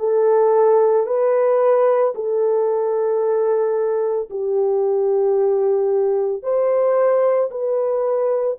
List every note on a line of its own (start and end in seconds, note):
0.00 1.07 A4
1.07 2.14 B4
2.15 4.30 A4
4.31 6.43 G4
6.43 7.50 C5
7.51 8.58 B4